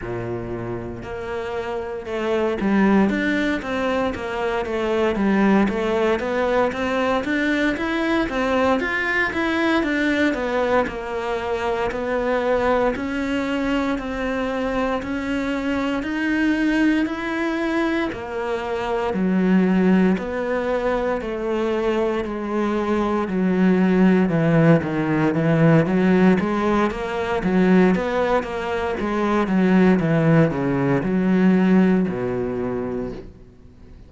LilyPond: \new Staff \with { instrumentName = "cello" } { \time 4/4 \tempo 4 = 58 ais,4 ais4 a8 g8 d'8 c'8 | ais8 a8 g8 a8 b8 c'8 d'8 e'8 | c'8 f'8 e'8 d'8 b8 ais4 b8~ | b8 cis'4 c'4 cis'4 dis'8~ |
dis'8 e'4 ais4 fis4 b8~ | b8 a4 gis4 fis4 e8 | dis8 e8 fis8 gis8 ais8 fis8 b8 ais8 | gis8 fis8 e8 cis8 fis4 b,4 | }